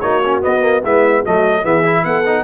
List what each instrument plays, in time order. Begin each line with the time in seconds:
0.00 tuba A#3, trombone D#4, horn F#4, trumpet C#5
0.24 trombone C#4
0.41 trombone B3, tuba B3, trumpet D#5
0.60 trombone A#3
0.82 tuba G#3, trombone B3, horn E4, trumpet E5
1.22 tuba F#3, trombone A3, horn F#4, trumpet D#5
1.63 tuba E3, trombone B3, horn G#4, trumpet E5
1.84 trombone E4
2.04 tuba B3, horn A4, trumpet F#5
2.26 trombone D#4